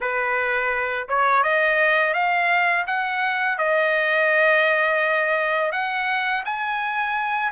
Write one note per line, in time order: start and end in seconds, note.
0.01 1.08 B4
1.08 1.43 C#5
1.43 2.13 D#5
2.13 2.85 F5
2.86 3.58 F#5
3.58 5.72 D#5
5.72 6.43 F#5
6.44 7.52 G#5